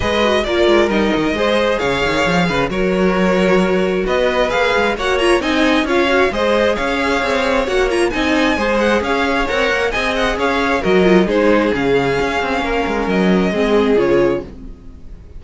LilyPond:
<<
  \new Staff \with { instrumentName = "violin" } { \time 4/4 \tempo 4 = 133 dis''4 d''4 dis''2 | f''2 cis''2~ | cis''4 dis''4 f''4 fis''8 ais''8 | gis''4 f''4 dis''4 f''4~ |
f''4 fis''8 ais''8 gis''4. fis''8 | f''4 fis''4 gis''8 fis''8 f''4 | dis''4 c''4 f''2~ | f''4 dis''2 cis''4 | }
  \new Staff \with { instrumentName = "violin" } { \time 4/4 b'4 ais'2 c''4 | cis''4. b'8 ais'2~ | ais'4 b'2 cis''4 | dis''4 cis''4 c''4 cis''4~ |
cis''2 dis''4 c''4 | cis''2 dis''4 cis''4 | ais'4 gis'2. | ais'2 gis'2 | }
  \new Staff \with { instrumentName = "viola" } { \time 4/4 gis'8 fis'8 f'4 dis'4 gis'4~ | gis'2 fis'2~ | fis'2 gis'4 fis'8 f'8 | dis'4 f'8 fis'8 gis'2~ |
gis'4 fis'8 f'8 dis'4 gis'4~ | gis'4 ais'4 gis'2 | fis'8 f'8 dis'4 cis'2~ | cis'2 c'4 f'4 | }
  \new Staff \with { instrumentName = "cello" } { \time 4/4 gis4 ais8 gis8 g8 dis8 gis4 | cis8 dis8 f8 cis8 fis2~ | fis4 b4 ais8 gis8 ais4 | c'4 cis'4 gis4 cis'4 |
c'4 ais4 c'4 gis4 | cis'4 c'8 ais8 c'4 cis'4 | fis4 gis4 cis4 cis'8 c'8 | ais8 gis8 fis4 gis4 cis4 | }
>>